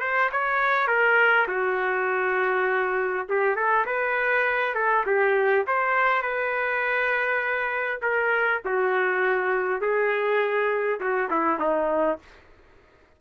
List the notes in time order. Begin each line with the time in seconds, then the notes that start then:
0.00 C5
0.31 C#5
0.87 A#4
1.47 F#4
3.29 G4
3.56 A4
3.85 B4
4.74 A4
5.06 G4
5.67 C5
6.22 B4
8.01 A#4
8.65 F#4
9.81 G#4
11.00 F#4
11.30 E4
11.59 D#4